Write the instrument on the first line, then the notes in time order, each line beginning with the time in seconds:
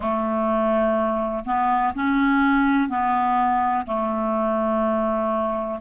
clarinet
0.00 A3
1.45 B3
1.94 C#4
2.89 B3
3.86 A3